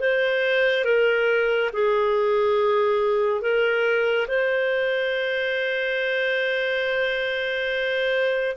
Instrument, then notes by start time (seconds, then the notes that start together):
clarinet
0.00 C5
0.85 A#4
1.73 G#4
3.41 A#4
4.28 C5